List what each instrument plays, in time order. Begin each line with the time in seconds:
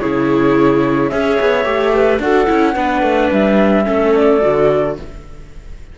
0.00 cello C#3, viola E4, clarinet G#4, flute C#5
1.09 cello C#4, viola G#4, clarinet C#5, flute E5
1.40 cello B3
1.64 cello A3, viola G4
1.94 clarinet B4
2.19 cello D4, viola F#4, clarinet A4, flute F#5
2.47 cello C#4, viola E4
2.74 cello B3, viola D4, clarinet B4
3.02 cello A3
3.32 cello G3, flute E5
3.84 cello A3, viola C#4, clarinet A4
4.15 flute D5
4.41 cello D3, viola F#4